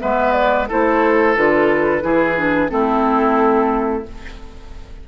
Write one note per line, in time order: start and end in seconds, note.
0.00 0.71 G#3
0.00 0.67 B3
0.00 0.68 B4
0.00 0.32 E5
0.32 0.66 D5
0.68 1.37 A3
0.68 1.36 E4
0.68 2.03 A4
0.68 1.36 C5
1.36 2.03 D3
1.36 2.01 F4
1.36 2.70 B4
2.01 2.71 E3
2.01 2.35 E4
2.01 2.71 G#4
2.37 2.69 D4
2.69 4.06 A3
2.69 4.03 C4
2.69 4.08 E4
2.69 4.05 A4